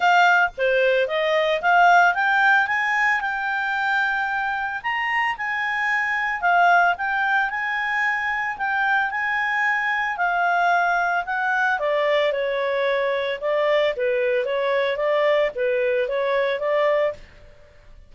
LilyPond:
\new Staff \with { instrumentName = "clarinet" } { \time 4/4 \tempo 4 = 112 f''4 c''4 dis''4 f''4 | g''4 gis''4 g''2~ | g''4 ais''4 gis''2 | f''4 g''4 gis''2 |
g''4 gis''2 f''4~ | f''4 fis''4 d''4 cis''4~ | cis''4 d''4 b'4 cis''4 | d''4 b'4 cis''4 d''4 | }